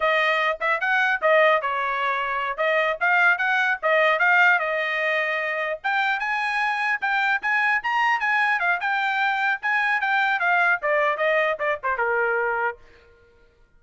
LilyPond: \new Staff \with { instrumentName = "trumpet" } { \time 4/4 \tempo 4 = 150 dis''4. e''8 fis''4 dis''4 | cis''2~ cis''8 dis''4 f''8~ | f''8 fis''4 dis''4 f''4 dis''8~ | dis''2~ dis''8 g''4 gis''8~ |
gis''4. g''4 gis''4 ais''8~ | ais''8 gis''4 f''8 g''2 | gis''4 g''4 f''4 d''4 | dis''4 d''8 c''8 ais'2 | }